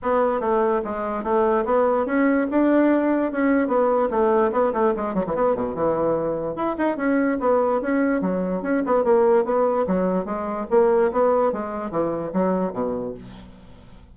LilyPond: \new Staff \with { instrumentName = "bassoon" } { \time 4/4 \tempo 4 = 146 b4 a4 gis4 a4 | b4 cis'4 d'2 | cis'4 b4 a4 b8 a8 | gis8 fis16 e16 b8 b,8 e2 |
e'8 dis'8 cis'4 b4 cis'4 | fis4 cis'8 b8 ais4 b4 | fis4 gis4 ais4 b4 | gis4 e4 fis4 b,4 | }